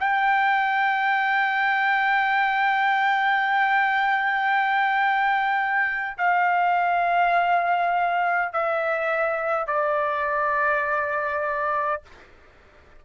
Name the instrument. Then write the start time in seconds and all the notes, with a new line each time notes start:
trumpet
0.00 G5
6.18 F5
8.53 E5
9.67 D5